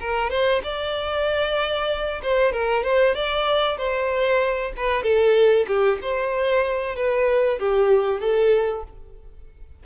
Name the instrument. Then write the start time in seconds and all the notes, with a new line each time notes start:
violin
0.00 A#4
0.30 C5
0.63 D5
2.22 C5
2.52 A#4
2.83 C5
3.15 D5
3.77 C5
4.76 B4
5.03 A4
5.67 G4
6.01 C5
6.96 B4
7.59 G4
8.20 A4